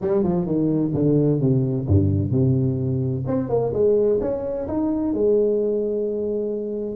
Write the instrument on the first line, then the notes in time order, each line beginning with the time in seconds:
tuba
0.01 G3
0.23 F3
0.45 D#3
0.93 D3
1.40 C3
1.87 G2
2.31 C3
3.27 C4
3.49 A#3
3.73 G#3
4.21 C#4
4.67 D#4
5.13 G#3